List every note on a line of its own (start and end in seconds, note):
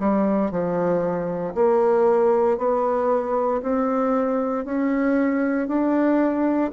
0.00 0.51 G3
0.51 1.55 F3
1.55 2.59 A#3
2.59 3.62 B3
3.63 4.66 C4
4.66 5.68 C#4
5.68 6.71 D4